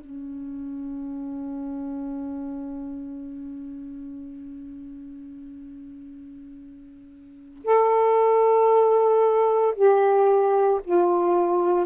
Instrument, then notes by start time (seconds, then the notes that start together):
saxophone
0.00 C#4
7.64 A4
9.75 G4
10.84 F4